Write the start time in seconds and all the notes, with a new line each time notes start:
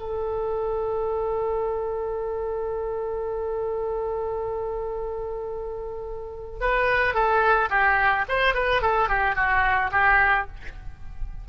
0.00 A4
6.61 B4
7.15 A4
7.70 G4
8.29 C5
8.55 B4
8.82 A4
9.09 G4
9.36 F#4
9.92 G4